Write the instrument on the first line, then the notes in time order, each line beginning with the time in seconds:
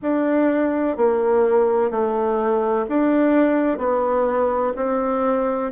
bassoon
0.02 D4
0.97 A#3
1.90 A3
2.88 D4
3.77 B3
4.76 C4